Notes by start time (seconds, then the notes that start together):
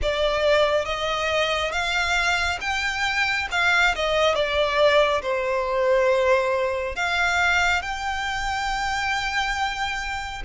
0.02 D5
0.85 D#5
1.72 F5
2.60 G5
3.51 F5
3.95 D#5
4.34 D5
5.22 C5
6.95 F5
7.82 G5